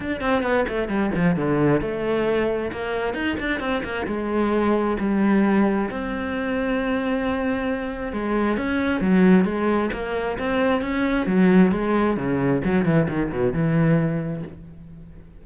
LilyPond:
\new Staff \with { instrumentName = "cello" } { \time 4/4 \tempo 4 = 133 d'8 c'8 b8 a8 g8 f8 d4 | a2 ais4 dis'8 d'8 | c'8 ais8 gis2 g4~ | g4 c'2.~ |
c'2 gis4 cis'4 | fis4 gis4 ais4 c'4 | cis'4 fis4 gis4 cis4 | fis8 e8 dis8 b,8 e2 | }